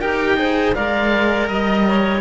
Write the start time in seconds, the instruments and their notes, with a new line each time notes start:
0.00 cello D#4 G4, clarinet A#4, oboe G5
0.38 cello G#4, clarinet C5
0.75 cello G#3 A#4, clarinet D5, oboe F5
1.48 cello G3, oboe D#5, clarinet D#5
1.88 clarinet C#5